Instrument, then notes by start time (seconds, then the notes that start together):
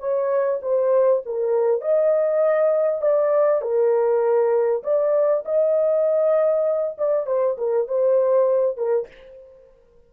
horn
0.00 C#5
0.62 C5
1.26 A#4
1.82 D#5
3.02 D5
3.62 A#4
4.83 D5
5.45 D#5
6.99 D5
7.27 C5
7.58 A#4
7.88 C5
8.78 A#4